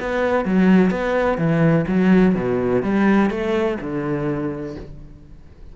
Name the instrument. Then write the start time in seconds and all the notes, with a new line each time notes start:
cello
0.00 B3
0.45 F#3
0.91 B3
1.38 E3
1.88 F#3
2.35 B2
2.83 G3
3.31 A3
3.81 D3